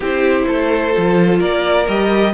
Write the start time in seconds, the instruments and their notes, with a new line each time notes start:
0.00 cello C4, viola E4, violin G4 C5
0.47 cello A3, violin A4
0.92 cello F3, viola F4
1.38 cello A#3, violin A#4 D5
1.88 cello G3, viola G4, violin D#5